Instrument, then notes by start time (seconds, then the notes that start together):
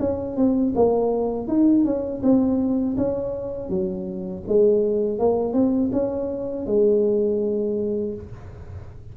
tuba
0.00 C#4
0.37 C4
0.75 A#3
1.48 D#4
1.85 C#4
2.23 C4
2.98 C#4
3.69 F#3
4.48 G#3
5.19 A#3
5.54 C4
5.93 C#4
6.67 G#3